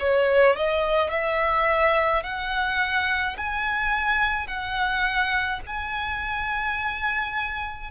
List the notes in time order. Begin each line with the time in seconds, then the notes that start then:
0.00 C#5
0.57 D#5
1.10 E5
2.23 F#5
3.38 G#5
4.48 F#5
5.67 G#5